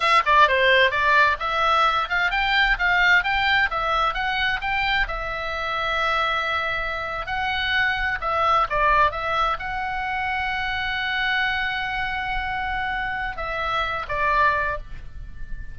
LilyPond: \new Staff \with { instrumentName = "oboe" } { \time 4/4 \tempo 4 = 130 e''8 d''8 c''4 d''4 e''4~ | e''8 f''8 g''4 f''4 g''4 | e''4 fis''4 g''4 e''4~ | e''2.~ e''8. fis''16~ |
fis''4.~ fis''16 e''4 d''4 e''16~ | e''8. fis''2.~ fis''16~ | fis''1~ | fis''4 e''4. d''4. | }